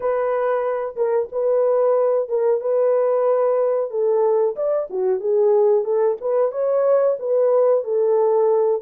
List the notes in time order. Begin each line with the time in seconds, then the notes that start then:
0.00 B4
0.96 A#4
1.32 B4
2.29 A#4
2.61 B4
3.90 A4
4.55 D5
4.89 F#4
5.20 G#4
5.84 A4
6.20 B4
6.51 C#5
7.19 B4
7.83 A4